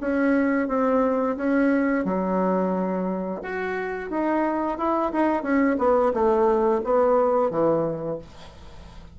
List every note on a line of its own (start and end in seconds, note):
0.00 0.68 C#4
0.68 1.36 C4
1.36 2.05 C#4
2.05 3.41 F#3
3.42 4.10 F#4
4.10 4.78 D#4
4.78 5.12 E4
5.12 5.42 D#4
5.42 5.76 C#4
5.78 6.12 B3
6.13 6.82 A3
6.83 7.50 B3
7.50 8.18 E3